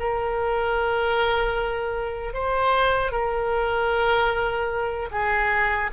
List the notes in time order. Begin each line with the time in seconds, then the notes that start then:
0.00 A#4
2.34 C5
3.12 A#4
5.12 G#4